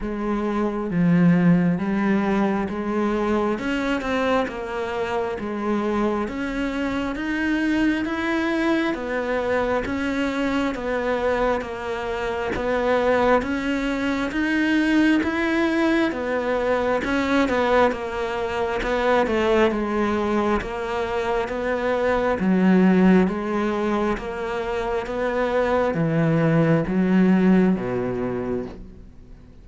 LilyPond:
\new Staff \with { instrumentName = "cello" } { \time 4/4 \tempo 4 = 67 gis4 f4 g4 gis4 | cis'8 c'8 ais4 gis4 cis'4 | dis'4 e'4 b4 cis'4 | b4 ais4 b4 cis'4 |
dis'4 e'4 b4 cis'8 b8 | ais4 b8 a8 gis4 ais4 | b4 fis4 gis4 ais4 | b4 e4 fis4 b,4 | }